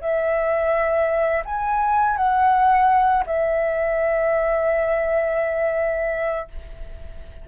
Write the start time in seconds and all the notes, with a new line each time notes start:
0.00 E5
1.45 G#5
2.17 F#5
3.26 E5